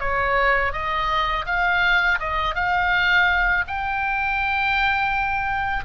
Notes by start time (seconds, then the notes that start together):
0.00 C#5
0.73 D#5
1.46 F5
2.19 D#5
2.55 F5
3.68 G5